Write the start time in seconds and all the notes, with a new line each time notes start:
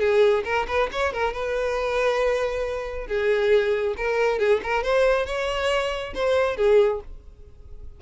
0.00 G#4
0.45 A#4
0.68 B4
0.92 C#5
1.13 A#4
1.34 B4
3.07 G#4
3.97 A#4
4.39 G#4
4.63 A#4
4.83 C5
5.26 C#5
6.15 C5
6.57 G#4